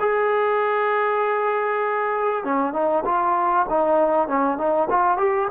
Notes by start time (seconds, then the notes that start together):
0.00 G#4
2.44 C#4
2.73 D#4
3.05 F4
3.70 D#4
4.28 C#4
4.58 D#4
4.90 F4
5.18 G4